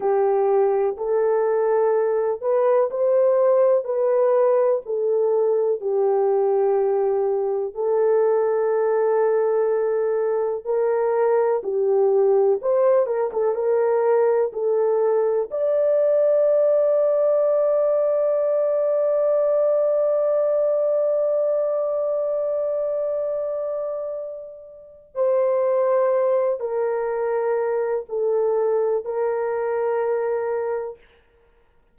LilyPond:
\new Staff \with { instrumentName = "horn" } { \time 4/4 \tempo 4 = 62 g'4 a'4. b'8 c''4 | b'4 a'4 g'2 | a'2. ais'4 | g'4 c''8 ais'16 a'16 ais'4 a'4 |
d''1~ | d''1~ | d''2 c''4. ais'8~ | ais'4 a'4 ais'2 | }